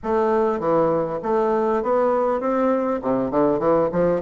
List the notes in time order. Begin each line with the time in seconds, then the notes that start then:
0.03 A3
0.59 E3
1.22 A3
1.82 B3
2.40 C4
3.02 C3
3.30 D3
3.59 E3
3.92 F3